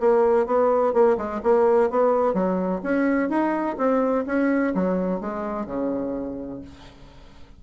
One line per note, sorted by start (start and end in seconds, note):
0.00 0.46 A#3
0.46 0.93 B3
0.93 1.17 A#3
1.17 1.41 G#3
1.43 1.90 A#3
1.90 2.34 B3
2.34 2.81 F#3
2.83 3.29 C#4
3.29 3.77 D#4
3.78 4.25 C4
4.26 4.74 C#4
4.75 5.21 F#3
5.21 5.66 G#3
5.66 6.61 C#3